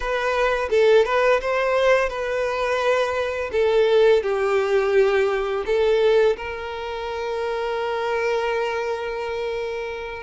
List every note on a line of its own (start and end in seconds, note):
0.00 0.69 B4
0.69 1.05 A4
1.05 1.40 B4
1.40 2.09 C5
2.09 3.50 B4
3.52 4.22 A4
4.23 5.64 G4
5.66 6.36 A4
6.37 10.23 A#4